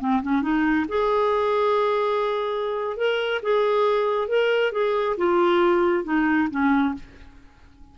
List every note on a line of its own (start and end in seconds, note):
0.00 0.22 C4
0.23 0.42 C#4
0.42 0.86 D#4
0.88 2.97 G#4
2.97 3.41 A#4
3.42 4.28 G#4
4.28 4.72 A#4
4.72 5.16 G#4
5.17 6.04 F4
6.04 6.48 D#4
6.51 6.95 C#4